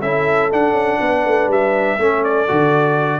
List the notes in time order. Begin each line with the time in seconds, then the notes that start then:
0.00 C#4 E4 A4 E5
0.51 D4 F#5
0.71 C#4
1.00 B3 B4
1.24 A3
1.47 G3 E5
1.98 A3 C#4 A4
2.24 D5
2.47 D3 F#4